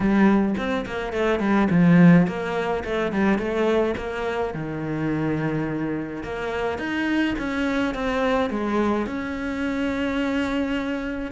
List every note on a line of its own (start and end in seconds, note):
0.00 0.55 G3
0.57 0.85 C4
0.86 1.12 A#3
1.12 1.39 A3
1.39 1.67 G3
1.70 2.27 F3
2.27 2.83 A#3
2.84 3.12 A3
3.12 3.38 G3
3.38 3.95 A3
3.97 4.53 A#3
4.54 6.23 D#3
6.23 6.78 A#3
6.78 7.35 D#4
7.38 7.94 C#4
7.94 8.50 C4
8.50 9.06 G#3
9.06 11.31 C#4